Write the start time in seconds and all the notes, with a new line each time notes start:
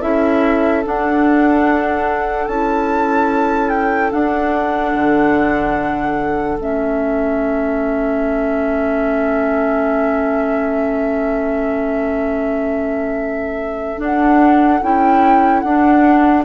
0.00 C#4 E4 A4 E5
0.84 D4 F#5
2.48 C#4 E4 A5
3.70 G5
4.12 D4 F#5
4.94 D3
6.57 A3 C#4 E5
13.98 D4 F#5
14.82 C#4 E4 G5
15.61 D4 F#5